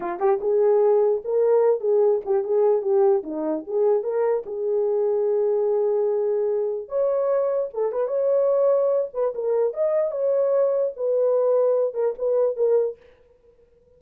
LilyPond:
\new Staff \with { instrumentName = "horn" } { \time 4/4 \tempo 4 = 148 f'8 g'8 gis'2 ais'4~ | ais'8 gis'4 g'8 gis'4 g'4 | dis'4 gis'4 ais'4 gis'4~ | gis'1~ |
gis'4 cis''2 a'8 b'8 | cis''2~ cis''8 b'8 ais'4 | dis''4 cis''2 b'4~ | b'4. ais'8 b'4 ais'4 | }